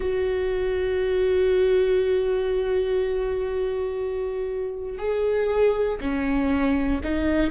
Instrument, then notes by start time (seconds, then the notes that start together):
viola
0.00 F#4
4.98 G#4
6.00 C#4
7.03 D#4